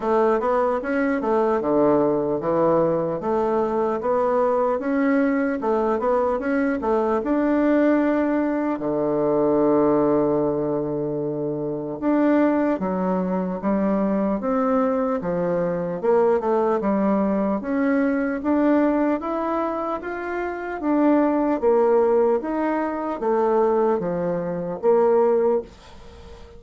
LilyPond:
\new Staff \with { instrumentName = "bassoon" } { \time 4/4 \tempo 4 = 75 a8 b8 cis'8 a8 d4 e4 | a4 b4 cis'4 a8 b8 | cis'8 a8 d'2 d4~ | d2. d'4 |
fis4 g4 c'4 f4 | ais8 a8 g4 cis'4 d'4 | e'4 f'4 d'4 ais4 | dis'4 a4 f4 ais4 | }